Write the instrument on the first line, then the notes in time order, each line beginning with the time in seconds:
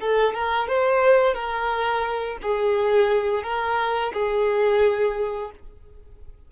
violin
0.00 A4
0.34 A#4
0.68 C5
1.34 A#4
2.42 G#4
3.43 A#4
4.13 G#4